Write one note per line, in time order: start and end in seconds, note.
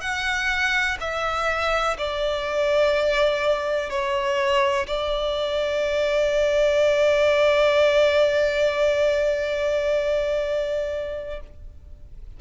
0.00 0.97 F#5
1.00 1.97 E5
1.97 3.90 D5
3.90 4.87 C#5
4.87 11.40 D5